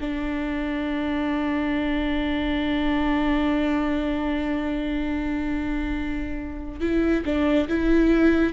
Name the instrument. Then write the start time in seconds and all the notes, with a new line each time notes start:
viola
0.00 D4
6.80 E4
7.25 D4
7.68 E4